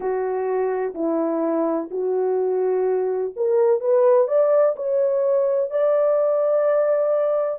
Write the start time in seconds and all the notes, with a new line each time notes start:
0.00 F#4
0.94 E4
1.90 F#4
3.35 A#4
3.80 B4
4.27 D5
4.76 C#5
5.70 D5